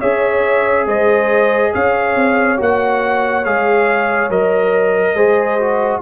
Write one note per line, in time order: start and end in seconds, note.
0.00 0.86 C#4
0.00 2.57 G#4
0.00 0.86 C#5
0.00 0.87 E5
0.86 1.72 G#3
0.86 1.73 C5
0.86 1.74 D#5
1.73 2.16 C#4
1.73 5.14 C#5
1.73 2.60 F5
2.16 2.58 C4
2.57 3.46 A#3
2.57 3.43 F#4
2.57 3.45 F#5
3.45 4.29 G#3
3.45 4.30 G#4
3.45 4.31 F5
4.29 5.15 F#3
4.29 5.16 A#4
4.29 6.02 D#5
5.14 6.00 G#3
5.14 5.59 G#4
5.14 6.00 C5
5.59 6.02 F#4